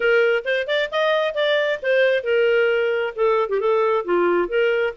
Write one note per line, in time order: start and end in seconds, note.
0.00 0.43 A#4
0.44 0.67 C5
0.67 0.89 D5
0.91 1.34 D#5
1.34 1.79 D5
1.82 2.23 C5
2.23 3.14 A#4
3.15 3.49 A4
3.49 3.60 G4
3.60 4.05 A4
4.05 4.48 F4
4.48 4.93 A#4